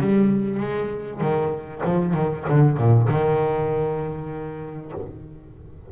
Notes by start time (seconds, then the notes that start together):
0.00 G3
0.60 G#3
1.21 D#3
1.85 F3
2.14 D#3
2.49 D3
2.78 A#2
3.09 D#3